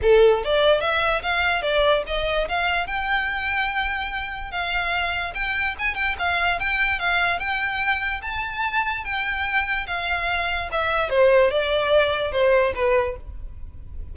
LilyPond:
\new Staff \with { instrumentName = "violin" } { \time 4/4 \tempo 4 = 146 a'4 d''4 e''4 f''4 | d''4 dis''4 f''4 g''4~ | g''2. f''4~ | f''4 g''4 gis''8 g''8 f''4 |
g''4 f''4 g''2 | a''2 g''2 | f''2 e''4 c''4 | d''2 c''4 b'4 | }